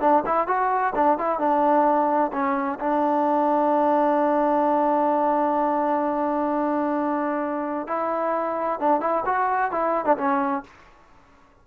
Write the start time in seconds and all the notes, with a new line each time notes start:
0.00 D4
0.26 E4
0.47 F#4
0.95 D4
1.18 E4
1.39 D4
2.32 C#4
2.79 D4
7.87 E4
8.79 D4
9.00 E4
9.25 F#4
9.71 E4
10.05 D4
10.17 C#4